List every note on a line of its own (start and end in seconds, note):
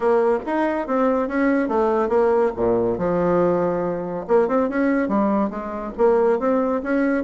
0.00 0.39 A#3
0.46 0.87 D#4
0.87 1.27 C4
1.27 1.68 C#4
1.68 2.09 A3
2.09 2.51 A#3
2.56 2.98 A#2
2.98 4.26 F3
4.27 4.48 A#3
4.48 4.69 C4
4.69 5.08 C#4
5.08 5.50 G3
5.50 5.92 G#3
5.97 6.39 A#3
6.39 6.81 C4
6.83 7.24 C#4